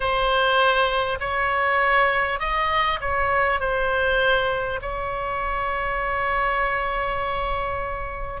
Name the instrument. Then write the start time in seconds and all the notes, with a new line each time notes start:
oboe
0.00 C5
1.19 C#5
2.39 D#5
3.01 C#5
3.59 C5
4.81 C#5